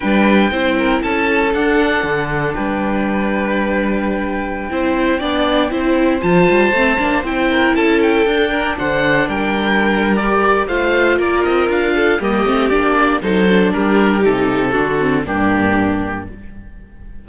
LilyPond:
<<
  \new Staff \with { instrumentName = "oboe" } { \time 4/4 \tempo 4 = 118 g''2 a''4 fis''4~ | fis''4 g''2.~ | g''1~ | g''16 a''2 g''4 a''8 g''16~ |
g''4~ g''16 fis''4 g''4.~ g''16 | d''4 f''4 d''8 dis''8 f''4 | dis''4 d''4 c''4 ais'4 | a'2 g'2 | }
  \new Staff \with { instrumentName = "violin" } { \time 4/4 b'4 c''8 ais'8 a'2~ | a'4 b'2.~ | b'4~ b'16 c''4 d''4 c''8.~ | c''2~ c''8. ais'8 a'8.~ |
a'8. ais'8 c''4 ais'4.~ ais'16~ | ais'4 c''4 ais'4. a'8 | g'2 a'4 g'4~ | g'4 fis'4 d'2 | }
  \new Staff \with { instrumentName = "viola" } { \time 4/4 d'4 e'2 d'4~ | d'1~ | d'4~ d'16 e'4 d'4 e'8.~ | e'16 f'4 c'8 d'8 e'4.~ e'16~ |
e'16 d'2.~ d'8. | g'4 f'2. | ais8 c'8 d'4 dis'8 d'4. | dis'4 d'8 c'8 ais2 | }
  \new Staff \with { instrumentName = "cello" } { \time 4/4 g4 c'4 cis'4 d'4 | d4 g2.~ | g4~ g16 c'4 b4 c'8.~ | c'16 f8 g8 a8 ais8 c'4 cis'8.~ |
cis'16 d'4 d4 g4.~ g16~ | g4 a4 ais8 c'8 d'4 | g8 a8 ais4 fis4 g4 | c4 d4 g,2 | }
>>